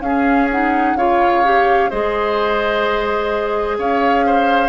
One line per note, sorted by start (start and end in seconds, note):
0.00 0.94 C#4
0.00 0.50 C#4
0.00 0.98 G#4
0.00 0.48 F5
0.51 0.97 D#4
0.51 0.97 F#5
0.95 1.89 C#3
0.95 1.44 F4
0.95 1.90 C#5
0.95 1.90 F5
1.44 1.91 G4
1.90 3.78 G#3
1.90 4.69 G#4
1.90 3.78 C5
1.90 3.78 D#5
3.78 4.69 C#4
3.78 4.26 C#5
3.78 4.69 F5
4.26 4.69 C5